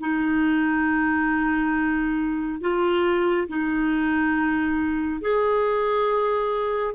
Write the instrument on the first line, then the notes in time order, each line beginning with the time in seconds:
clarinet
0.00 D#4
2.61 F4
3.48 D#4
5.21 G#4